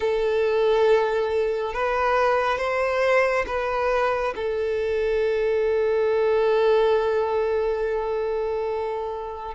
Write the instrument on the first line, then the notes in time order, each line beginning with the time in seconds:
violin
0.00 A4
1.74 B4
2.58 C5
3.47 B4
4.35 A4